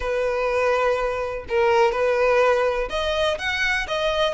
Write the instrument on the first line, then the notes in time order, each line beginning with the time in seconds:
violin
0.00 B4
1.49 A#4
1.91 B4
2.89 D#5
3.38 F#5
3.87 D#5